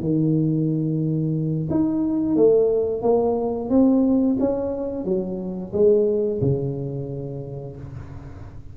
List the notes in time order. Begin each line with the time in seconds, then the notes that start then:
0.00 D#3
1.71 D#4
2.36 A3
3.02 A#3
3.70 C4
4.40 C#4
5.05 F#3
5.73 G#3
6.41 C#3